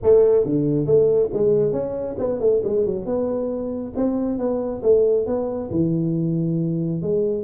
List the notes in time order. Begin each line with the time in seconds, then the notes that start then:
0.02 A3
0.45 D3
0.86 A3
1.33 G#3
1.72 C#4
2.18 B3
2.39 A3
2.63 G#3
2.85 F#3
3.05 B3
3.96 C4
4.38 B3
4.83 A3
5.26 B3
5.70 E3
7.02 G#3